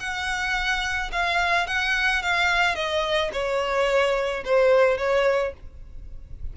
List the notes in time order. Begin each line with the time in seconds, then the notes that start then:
0.00 F#5
1.12 F5
1.67 F#5
2.22 F5
2.76 D#5
3.33 C#5
4.45 C5
4.98 C#5